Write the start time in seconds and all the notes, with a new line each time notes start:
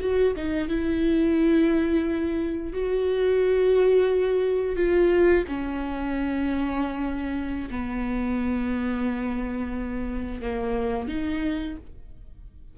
0.00 F#4
0.37 D#4
0.68 E4
2.73 F#4
4.76 F4
5.47 C#4
7.70 B3
10.42 A#3
11.08 D#4